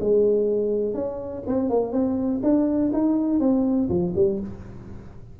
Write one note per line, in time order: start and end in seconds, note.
0.00 0.94 G#3
0.94 1.43 C#4
1.47 1.69 C4
1.69 1.92 A#3
1.92 2.41 C4
2.43 2.92 D4
2.93 3.40 D#4
3.40 3.88 C4
3.89 4.13 F3
4.15 4.39 G3